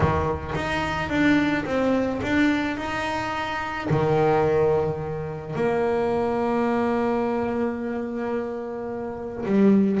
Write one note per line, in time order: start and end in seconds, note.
0.00 0.54 D#3
0.55 1.09 D#4
1.09 1.64 D4
1.65 2.20 C4
2.22 2.77 D4
2.77 3.88 D#4
3.90 5.55 D#3
5.55 9.44 A#3
9.45 10.00 G3